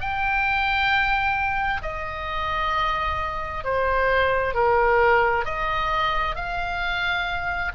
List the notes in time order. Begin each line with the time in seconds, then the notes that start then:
0.00 G5
1.82 D#5
3.64 C5
4.54 A#4
5.45 D#5
6.35 F5